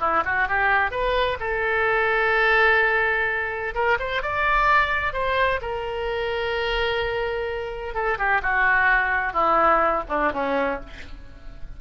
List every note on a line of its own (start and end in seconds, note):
0.00 0.23 E4
0.25 0.48 F#4
0.48 0.91 G4
0.91 1.38 B4
1.40 3.74 A4
3.75 3.98 A#4
3.99 4.22 C5
4.22 5.13 D5
5.13 5.60 C5
5.62 7.95 A#4
7.95 8.18 A4
8.18 8.42 G4
8.42 9.33 F#4
9.33 10.03 E4
10.09 10.32 D4
10.33 10.80 C#4